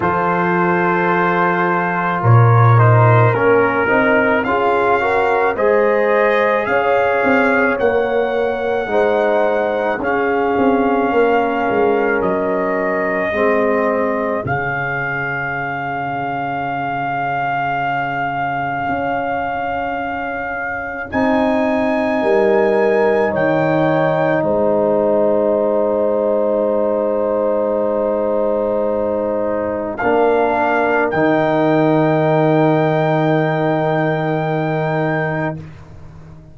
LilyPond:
<<
  \new Staff \with { instrumentName = "trumpet" } { \time 4/4 \tempo 4 = 54 c''2 cis''8 c''8 ais'4 | f''4 dis''4 f''4 fis''4~ | fis''4 f''2 dis''4~ | dis''4 f''2.~ |
f''2. gis''4~ | gis''4 g''4 gis''2~ | gis''2. f''4 | g''1 | }
  \new Staff \with { instrumentName = "horn" } { \time 4/4 a'2 ais'2 | gis'8 ais'8 c''4 cis''2 | c''4 gis'4 ais'2 | gis'1~ |
gis'1 | ais'4 cis''4 c''2~ | c''2. ais'4~ | ais'1 | }
  \new Staff \with { instrumentName = "trombone" } { \time 4/4 f'2~ f'8 dis'8 cis'8 dis'8 | f'8 fis'8 gis'2 ais'4 | dis'4 cis'2. | c'4 cis'2.~ |
cis'2. dis'4~ | dis'1~ | dis'2. d'4 | dis'1 | }
  \new Staff \with { instrumentName = "tuba" } { \time 4/4 f2 ais,4 ais8 c'8 | cis'4 gis4 cis'8 c'8 ais4 | gis4 cis'8 c'8 ais8 gis8 fis4 | gis4 cis2.~ |
cis4 cis'2 c'4 | g4 dis4 gis2~ | gis2. ais4 | dis1 | }
>>